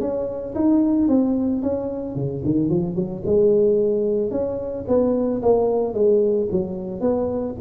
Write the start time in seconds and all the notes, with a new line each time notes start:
0.00 C#4
0.55 D#4
1.08 C4
1.62 C#4
2.15 C#3
2.45 D#3
2.70 F3
2.95 F#3
3.26 G#3
4.31 C#4
4.88 B3
5.42 A#3
5.94 G#3
6.51 F#3
7.00 B3